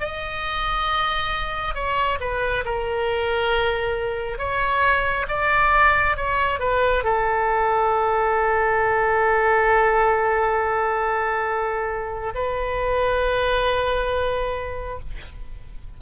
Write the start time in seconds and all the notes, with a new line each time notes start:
0.00 D#5
1.75 C#5
2.21 B4
2.65 A#4
4.38 C#5
5.29 D5
6.17 C#5
6.60 B4
7.04 A4
12.35 B4